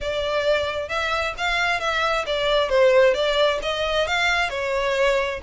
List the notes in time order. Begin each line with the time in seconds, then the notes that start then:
0.00 D5
0.89 E5
1.37 F5
1.80 E5
2.26 D5
2.69 C5
3.14 D5
3.62 D#5
4.07 F5
4.49 C#5